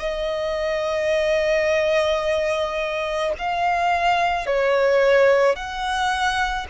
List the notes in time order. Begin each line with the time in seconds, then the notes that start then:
0.00 D#5
3.39 F5
4.47 C#5
5.56 F#5